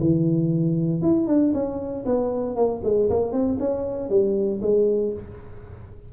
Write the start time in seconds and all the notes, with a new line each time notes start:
0.00 E3
1.02 E4
1.28 D4
1.54 C#4
2.06 B3
2.56 A#3
2.84 G#3
3.10 A#3
3.32 C4
3.60 C#4
4.10 G3
4.62 G#3